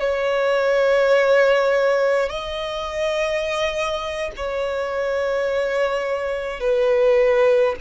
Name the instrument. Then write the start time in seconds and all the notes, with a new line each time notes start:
violin
0.00 C#5
2.29 D#5
4.36 C#5
6.60 B4